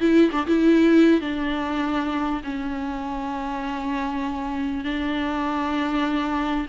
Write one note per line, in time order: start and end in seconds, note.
0.00 0.30 E4
0.32 0.47 D4
0.47 1.21 E4
1.21 2.42 D4
2.44 4.85 C#4
4.85 6.66 D4